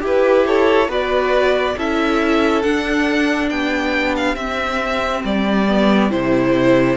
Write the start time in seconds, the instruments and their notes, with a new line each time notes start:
0.00 cello E4, viola G4, violin G4
0.06 violin B4
0.47 violin A4 C#5
0.88 cello B3, viola F#4, violin B4 D5
1.77 cello C#4, viola E4, violin A4 E5
2.62 viola D4, cello D4, violin F#5
3.50 cello B3, violin G4 G5
4.16 violin F5
4.35 cello C4, viola C4, violin E5
5.24 cello G3, violin D5
5.68 viola B3
6.10 cello C3, viola E4, violin C5